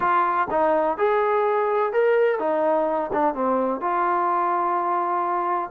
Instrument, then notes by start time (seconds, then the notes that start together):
trombone
0.00 F4
0.50 D#4
0.97 G#4
1.92 A#4
2.39 D#4
3.13 D4
3.34 C4
3.81 F4